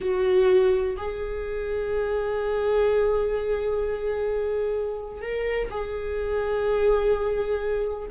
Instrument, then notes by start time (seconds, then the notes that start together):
viola
0.01 F#4
0.96 G#4
5.21 A#4
5.70 G#4